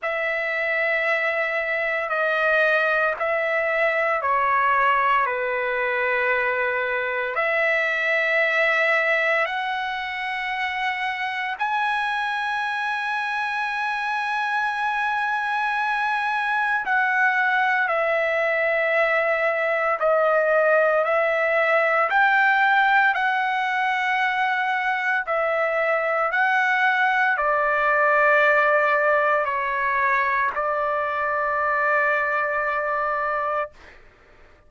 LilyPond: \new Staff \with { instrumentName = "trumpet" } { \time 4/4 \tempo 4 = 57 e''2 dis''4 e''4 | cis''4 b'2 e''4~ | e''4 fis''2 gis''4~ | gis''1 |
fis''4 e''2 dis''4 | e''4 g''4 fis''2 | e''4 fis''4 d''2 | cis''4 d''2. | }